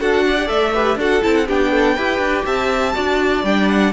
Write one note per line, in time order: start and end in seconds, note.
0.00 0.49 D4
0.00 0.37 F#4
0.00 0.25 A4
0.00 0.48 F#5
0.26 0.74 D5
0.38 0.47 G4
0.47 0.96 A3
0.47 0.71 A4
0.47 0.98 E5
0.74 0.99 G4
0.74 0.98 B4
0.96 1.21 D4
0.96 1.22 F#4
0.96 1.47 A4
0.96 1.23 F#5
1.22 1.49 C4
1.22 1.47 E4
1.22 1.35 A5
1.35 1.47 F#5
1.47 1.97 B3
1.47 1.98 D4
1.47 1.72 G4
1.47 2.47 G5
1.72 1.96 A4
1.96 2.19 E4
1.96 2.94 G4
1.96 2.45 B4
2.19 2.43 D4
2.46 2.95 C4
2.46 2.94 E5
2.46 3.45 A5
2.94 3.44 D4
2.94 3.43 F#4
2.94 3.93 D5
3.44 3.93 G3
3.44 3.93 D4
3.44 3.69 G5
3.69 3.93 F#5